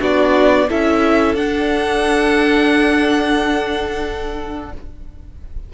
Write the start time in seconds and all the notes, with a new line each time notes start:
0.00 B3 D4 F#4 D5
0.69 C#4 E4 A4 E5
1.35 D4 F#5